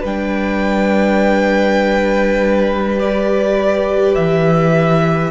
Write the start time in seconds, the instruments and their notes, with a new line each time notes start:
0.00 cello G3, viola D4, violin B4 G5
2.99 viola G4, violin D5
4.15 cello E3, violin E5